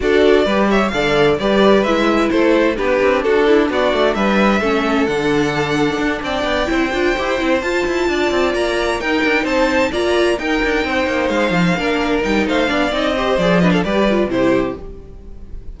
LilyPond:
<<
  \new Staff \with { instrumentName = "violin" } { \time 4/4 \tempo 4 = 130 d''4. e''8 f''4 d''4 | e''4 c''4 b'4 a'4 | d''4 e''2 fis''4~ | fis''4. g''2~ g''8~ |
g''8 a''2 ais''4 g''8~ | g''8 a''4 ais''4 g''4.~ | g''8 f''2 g''8 f''4 | dis''4 d''8 dis''16 f''16 d''4 c''4 | }
  \new Staff \with { instrumentName = "violin" } { \time 4/4 a'4 b'8 cis''8 d''4 b'4~ | b'4 a'4 g'4 fis'8 e'8 | fis'4 b'4 a'2~ | a'4. d''4 c''4.~ |
c''4. d''2 ais'8~ | ais'8 c''4 d''4 ais'4 c''8~ | c''4. ais'4. c''8 d''8~ | d''8 c''4 b'16 a'16 b'4 g'4 | }
  \new Staff \with { instrumentName = "viola" } { \time 4/4 fis'4 g'4 a'4 g'4 | e'2 d'2~ | d'2 cis'4 d'4~ | d'2~ d'8 e'8 f'8 g'8 |
e'8 f'2. dis'8~ | dis'4. f'4 dis'4.~ | dis'4. d'4 dis'4 d'8 | dis'8 g'8 gis'8 d'8 g'8 f'8 e'4 | }
  \new Staff \with { instrumentName = "cello" } { \time 4/4 d'4 g4 d4 g4 | gis4 a4 b8 c'8 d'4 | b8 a8 g4 a4 d4~ | d4 d'8 c'8 b8 c'8 d'8 e'8 |
c'8 f'8 e'8 d'8 c'8 ais4 dis'8 | d'8 c'4 ais4 dis'8 d'8 c'8 | ais8 gis8 f8 ais4 g8 a8 b8 | c'4 f4 g4 c4 | }
>>